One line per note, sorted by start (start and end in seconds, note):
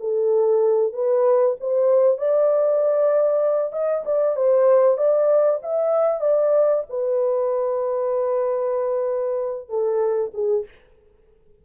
0.00 0.93 A4
0.93 1.56 B4
1.60 2.18 C5
2.18 3.73 D5
3.73 4.04 D#5
4.06 4.36 D5
4.36 4.97 C5
4.97 5.60 D5
5.63 6.21 E5
6.21 6.84 D5
6.89 9.69 B4
9.69 10.32 A4
10.34 10.65 G#4